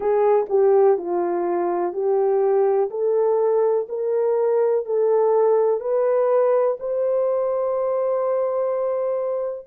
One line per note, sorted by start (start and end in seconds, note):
0.00 0.46 G#4
0.49 0.97 G4
0.97 1.92 F4
1.92 2.89 G4
2.90 3.87 A4
3.88 4.85 A#4
4.85 5.80 A4
5.80 6.77 B4
6.79 9.66 C5